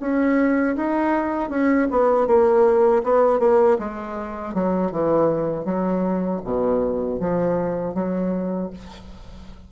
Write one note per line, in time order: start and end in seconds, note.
0.00 0.76 C#4
0.76 1.50 D#4
1.50 1.88 C#4
1.91 2.27 B3
2.27 3.03 A#3
3.04 3.40 B3
3.40 3.78 A#3
3.79 4.55 G#3
4.55 4.92 F#3
4.92 5.65 E3
5.65 6.41 F#3
6.45 7.20 B2
7.20 7.94 F3
7.94 8.70 F#3